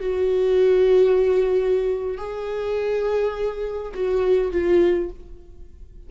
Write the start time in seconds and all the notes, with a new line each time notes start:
0.00 F#4
2.18 G#4
3.94 F#4
4.51 F4